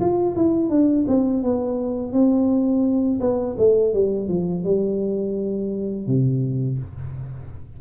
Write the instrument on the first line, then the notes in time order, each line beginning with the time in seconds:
tuba
0.00 F4
0.36 E4
0.70 D4
1.07 C4
1.43 B3
2.12 C4
3.20 B3
3.58 A3
3.94 G3
4.29 F3
4.64 G3
6.07 C3